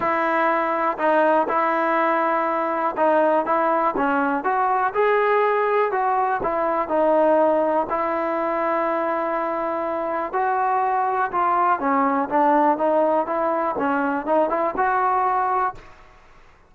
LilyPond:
\new Staff \with { instrumentName = "trombone" } { \time 4/4 \tempo 4 = 122 e'2 dis'4 e'4~ | e'2 dis'4 e'4 | cis'4 fis'4 gis'2 | fis'4 e'4 dis'2 |
e'1~ | e'4 fis'2 f'4 | cis'4 d'4 dis'4 e'4 | cis'4 dis'8 e'8 fis'2 | }